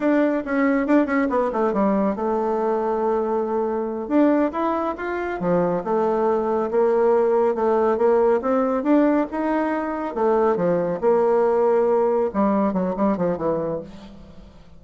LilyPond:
\new Staff \with { instrumentName = "bassoon" } { \time 4/4 \tempo 4 = 139 d'4 cis'4 d'8 cis'8 b8 a8 | g4 a2.~ | a4. d'4 e'4 f'8~ | f'8 f4 a2 ais8~ |
ais4. a4 ais4 c'8~ | c'8 d'4 dis'2 a8~ | a8 f4 ais2~ ais8~ | ais8 g4 fis8 g8 f8 e4 | }